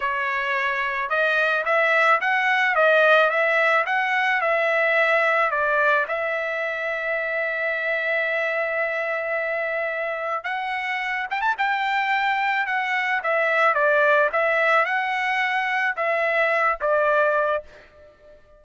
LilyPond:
\new Staff \with { instrumentName = "trumpet" } { \time 4/4 \tempo 4 = 109 cis''2 dis''4 e''4 | fis''4 dis''4 e''4 fis''4 | e''2 d''4 e''4~ | e''1~ |
e''2. fis''4~ | fis''8 g''16 a''16 g''2 fis''4 | e''4 d''4 e''4 fis''4~ | fis''4 e''4. d''4. | }